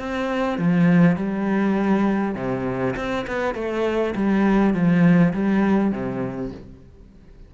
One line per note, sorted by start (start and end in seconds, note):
0.00 0.59 C4
0.59 1.17 F3
1.17 2.35 G3
2.35 2.95 C3
2.96 3.26 C4
3.28 3.55 B3
3.55 4.15 A3
4.16 4.74 G3
4.74 5.34 F3
5.34 5.92 G3
5.92 6.52 C3